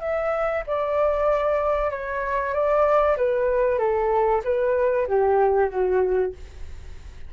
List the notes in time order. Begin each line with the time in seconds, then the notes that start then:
0.00 E5
0.67 D5
1.90 C#5
2.53 D5
3.17 B4
3.78 A4
4.44 B4
5.07 G4
5.69 F#4